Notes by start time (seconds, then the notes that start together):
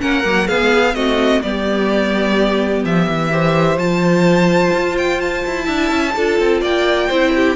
0.00 A#3 C#4 A#4 F#5
0.24 F#3 A#3
0.48 B3 G#4 F5
0.62 G#3
0.73 B3
0.94 A3 C4 F#4 D#5
1.42 G3 B3 G4 D5
2.84 F3 E5
3.09 E3
3.31 G4 C5
3.77 F3 F4 A5
4.73 F4
4.98 G5
5.21 A5
5.46 E4
5.64 D4 E4 E5
5.91 C#4
6.16 D4 F4 A4
6.40 C4
6.62 A#3 D5 G5
7.09 C4 E4 C5
7.36 G4